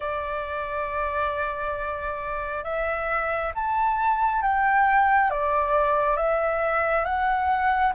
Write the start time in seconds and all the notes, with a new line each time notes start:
0.00 D5
2.64 E5
3.55 A5
4.42 G5
5.30 D5
6.16 E5
7.04 F#5